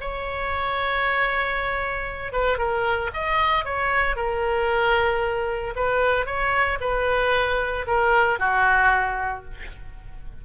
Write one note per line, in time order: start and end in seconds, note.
0.00 2.32 C#5
2.32 2.57 B4
2.57 3.10 A#4
3.13 3.64 D#5
3.64 4.16 C#5
4.16 5.73 A#4
5.75 6.26 B4
6.26 6.78 C#5
6.80 7.85 B4
7.86 8.39 A#4
8.39 9.44 F#4